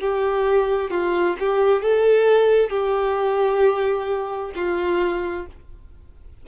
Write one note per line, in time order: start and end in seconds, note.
0.00 0.91 G4
0.91 1.36 F4
1.40 1.83 G4
1.83 2.70 A4
2.70 4.52 G4
4.56 5.47 F4